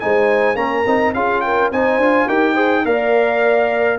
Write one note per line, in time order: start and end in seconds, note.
0.00 0.55 G#3
0.00 0.56 D#4
0.00 0.58 C5
0.00 0.57 G#5
0.55 0.84 A#3
0.55 0.85 C#4
0.55 1.15 A#4
0.55 1.14 A#5
0.87 1.14 C4
0.87 1.16 D#4
1.14 1.71 C#4
1.14 1.73 F4
1.14 1.44 G#4
1.14 1.41 F5
1.41 1.73 A#4
1.41 1.70 G5
1.72 1.98 C4
1.72 2.02 D#4
1.72 2.28 C5
1.72 2.29 G#5
1.98 2.27 D4
1.98 2.29 F4
2.28 2.86 D#4
2.28 2.56 G4
2.28 2.54 A#4
2.28 2.86 G5
2.54 2.84 G#4
2.54 2.82 C5
2.86 3.99 A#3
2.86 3.99 A#4
2.86 3.99 D5
2.86 3.99 F5